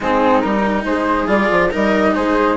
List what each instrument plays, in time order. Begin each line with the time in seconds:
0.00 bassoon G#3, cello C4, viola D#4, flute G#4
0.40 bassoon G3, cello D#4, flute A#4
0.84 bassoon G#3, viola G#4, flute C5
1.27 bassoon G3, cello F4, flute D5
1.51 bassoon F3
1.70 bassoon G3, cello D#4, viola A#4, flute D#5
2.15 bassoon G#3, viola G#4, flute C5